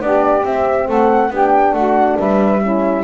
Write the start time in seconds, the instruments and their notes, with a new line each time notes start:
0.00 double bass B3, horn D4, saxophone G4, flute D5
0.45 double bass C4, horn C4, flute E5
0.87 double bass A3, saxophone A4, flute F#5
1.30 double bass B3, horn D4, saxophone G4, flute G5
1.73 double bass A3, saxophone F#4, flute F#5
2.19 double bass G3, saxophone B4, flute E5
2.61 horn C#4, saxophone E4